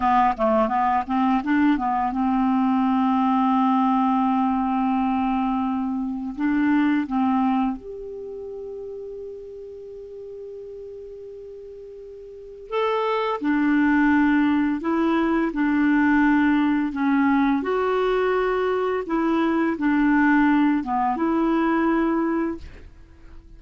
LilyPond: \new Staff \with { instrumentName = "clarinet" } { \time 4/4 \tempo 4 = 85 b8 a8 b8 c'8 d'8 b8 c'4~ | c'1~ | c'4 d'4 c'4 g'4~ | g'1~ |
g'2 a'4 d'4~ | d'4 e'4 d'2 | cis'4 fis'2 e'4 | d'4. b8 e'2 | }